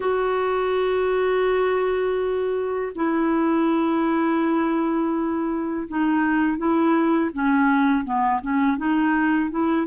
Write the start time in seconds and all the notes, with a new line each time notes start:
0.00 F#4
2.95 E4
5.88 D#4
6.57 E4
7.33 C#4
8.04 B3
8.41 C#4
8.77 D#4
9.50 E4